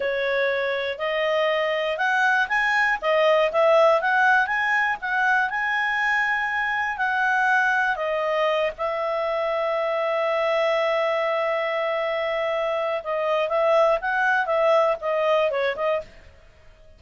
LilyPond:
\new Staff \with { instrumentName = "clarinet" } { \time 4/4 \tempo 4 = 120 cis''2 dis''2 | fis''4 gis''4 dis''4 e''4 | fis''4 gis''4 fis''4 gis''4~ | gis''2 fis''2 |
dis''4. e''2~ e''8~ | e''1~ | e''2 dis''4 e''4 | fis''4 e''4 dis''4 cis''8 dis''8 | }